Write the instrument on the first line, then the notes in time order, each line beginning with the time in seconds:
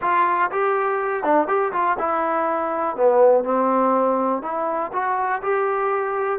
trombone
0.01 F4
0.51 G4
1.23 D4
1.47 G4
1.72 F4
1.98 E4
2.96 B3
3.44 C4
4.42 E4
4.92 F#4
5.42 G4